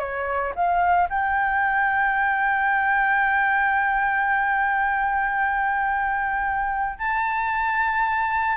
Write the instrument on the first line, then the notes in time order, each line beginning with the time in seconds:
flute
0.00 C#5
0.56 F5
1.10 G5
6.99 A5